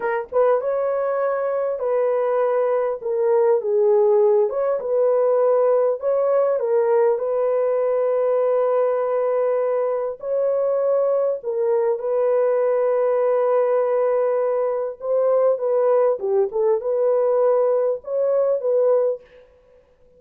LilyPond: \new Staff \with { instrumentName = "horn" } { \time 4/4 \tempo 4 = 100 ais'8 b'8 cis''2 b'4~ | b'4 ais'4 gis'4. cis''8 | b'2 cis''4 ais'4 | b'1~ |
b'4 cis''2 ais'4 | b'1~ | b'4 c''4 b'4 g'8 a'8 | b'2 cis''4 b'4 | }